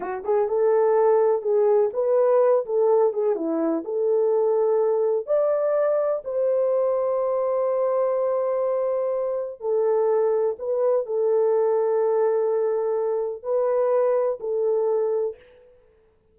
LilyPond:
\new Staff \with { instrumentName = "horn" } { \time 4/4 \tempo 4 = 125 fis'8 gis'8 a'2 gis'4 | b'4. a'4 gis'8 e'4 | a'2. d''4~ | d''4 c''2.~ |
c''1 | a'2 b'4 a'4~ | a'1 | b'2 a'2 | }